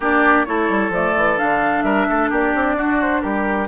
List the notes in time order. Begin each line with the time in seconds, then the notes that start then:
0.00 A#3 D4 G4 D5
0.45 A3 E4 A4 C#5
0.69 G3
0.89 F3 A3 D5
1.16 E3
1.37 D3 D4 F5
1.82 G3 A#4 E5
2.09 A3 A4
2.30 A#3 G4 D5
2.54 C4
2.75 D4 F#4
3.01 C5
3.21 G3 G4 A#4